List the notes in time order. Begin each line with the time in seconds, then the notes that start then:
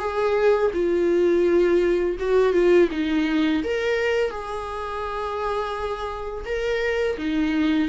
0.00 G#4
0.74 F4
2.20 F#4
2.54 F4
2.92 D#4
3.64 A#4
4.31 G#4
6.46 A#4
7.18 D#4